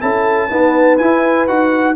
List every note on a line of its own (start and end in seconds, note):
0.00 0.51 C#4
0.00 0.49 E4
0.00 0.49 A4
0.00 0.98 A5
0.49 1.00 B3
0.49 1.00 D#4
0.49 1.96 B4
0.98 1.49 E4
0.98 1.48 E4
0.98 1.47 G#5
1.47 1.96 D#4
1.47 1.96 F#4
1.47 1.96 F#5